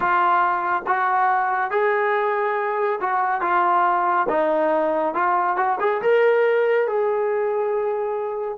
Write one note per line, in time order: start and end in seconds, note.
0.00 0.83 F4
0.86 1.71 F#4
1.71 2.99 G#4
3.00 3.41 F#4
3.41 4.26 F4
4.29 5.14 D#4
5.14 5.56 F4
5.56 5.78 F#4
5.80 6.01 G#4
6.02 6.86 A#4
6.86 8.58 G#4